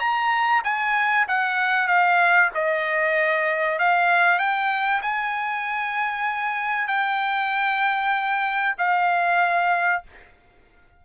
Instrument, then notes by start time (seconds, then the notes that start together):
trumpet
0.00 A#5
0.64 G#5
1.29 F#5
1.88 F5
2.55 D#5
3.80 F5
4.39 G5
5.03 G#5
6.88 G5
8.78 F5